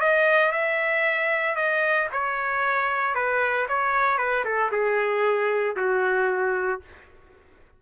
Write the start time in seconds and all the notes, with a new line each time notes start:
0.00 D#5
0.52 E5
1.56 D#5
2.12 C#5
3.15 B4
3.68 C#5
4.18 B4
4.45 A4
4.72 G#4
5.77 F#4